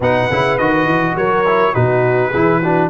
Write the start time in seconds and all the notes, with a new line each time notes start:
0.00 B2 D#4 B4 F#5
0.30 C#3 E4
0.57 D#3 F#4 D#5
0.85 E3
1.15 F#3 A#4 C#5
1.46 E4
1.73 B2 D#4 F#4 B4
2.29 E3 E4 G#4
2.61 D4 F#4